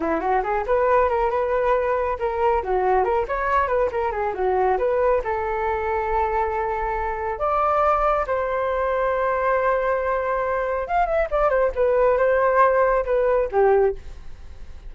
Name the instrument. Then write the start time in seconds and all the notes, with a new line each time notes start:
flute
0.00 E4
0.20 F#4
0.43 G#4
0.66 B4
1.09 A#4
1.30 B4
2.19 A#4
2.62 F#4
3.04 A#4
3.27 C#5
3.67 B4
3.91 A#4
4.11 G#4
4.34 F#4
4.78 B4
5.24 A4
7.38 D5
8.26 C5
10.87 F5
11.06 E5
11.30 D5
11.49 C5
11.75 B4
12.17 C5
13.05 B4
13.51 G4